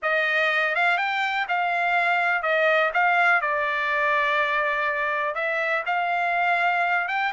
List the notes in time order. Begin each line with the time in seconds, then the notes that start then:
0.02 D#5
0.75 F5
0.97 G5
1.48 F5
2.42 D#5
2.93 F5
3.41 D5
5.34 E5
5.86 F5
7.08 G5